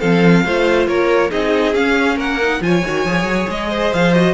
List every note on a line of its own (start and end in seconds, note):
0.00 0.45 F3
0.00 0.45 C4
0.00 0.44 A4
0.00 0.87 F5
0.45 0.87 A3
0.45 1.31 F4
0.45 0.88 C5
0.87 1.31 A#3
0.87 1.30 A#4
0.87 1.31 C#5
1.30 1.75 C4
1.30 1.74 D#4
1.30 2.17 G#4
1.30 1.75 D#5
1.75 2.40 C#4
1.75 2.17 C#4
1.75 2.18 F5
2.17 2.60 A#3
2.17 2.60 A#4
2.17 2.63 F#5
2.42 2.62 D#4
2.61 2.83 F3
2.61 2.83 F4
2.61 3.70 C#5
2.61 3.50 G#5
2.85 3.05 D#3
2.85 3.06 F#4
3.05 3.24 F3
3.05 4.15 G#4
3.24 3.46 F#3
3.49 3.92 G#3
3.49 3.94 D#5
3.70 4.35 C5
3.94 4.35 F3
3.94 4.14 F5
4.14 4.35 F#4
4.14 4.35 D#5